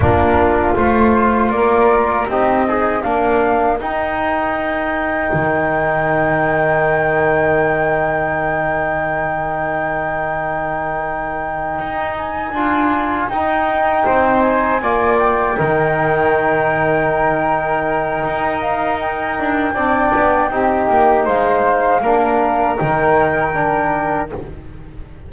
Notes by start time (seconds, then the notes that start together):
0.00 A#3 D4 F4 A#4
0.75 A3 F4 C5
1.50 A#3 D5
1.56 A#4
2.27 C4 D#4 G4 D#5
2.66 D#4 G#4
3.02 A#3 D4 A#4 F5
3.79 D#4 G5
5.33 D#3
11.78 D#4
12.17 G#5
12.51 D4 F4
13.28 D#4 G5
14.04 C4 C5
14.41 G#5
14.81 A#3 F4 D5
15.19 G5
15.57 D#3 D#4 A#4
18.25 D#4
18.60 F5
18.99 G5
19.39 D4
19.73 C4 D4 D5
20.14 B3
20.50 C4 D#4 G4
20.89 A#3
21.24 G#3 C5 F5
22.01 A#3 D4 A#4
22.76 D#3 D#4 G5
23.53 D4